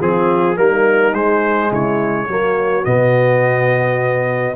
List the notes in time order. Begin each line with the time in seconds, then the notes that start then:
0.00 F3 C4 F4 G#4
0.56 G3 A#3 D#4 A#4
1.13 G#3 C5
1.70 C#3 E4 C#5
2.26 F#3 A#3 F#4
2.84 B2 B3 D#5